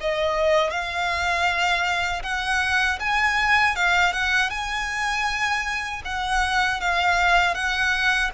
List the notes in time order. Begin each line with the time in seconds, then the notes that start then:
0.00 D#5
0.70 F5
2.23 F#5
2.99 G#5
3.76 F5
4.13 F#5
4.50 G#5
6.05 F#5
6.80 F5
7.54 F#5